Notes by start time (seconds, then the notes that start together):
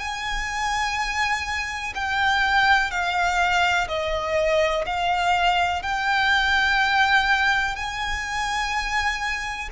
0.00 G#5
1.95 G5
2.91 F5
3.88 D#5
4.87 F5
5.83 G5
7.76 G#5